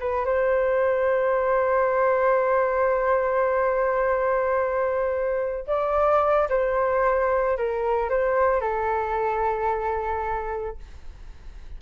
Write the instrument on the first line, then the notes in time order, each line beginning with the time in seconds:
flute
0.00 B4
0.25 C5
5.67 D5
6.49 C5
7.57 A#4
8.10 C5
8.61 A4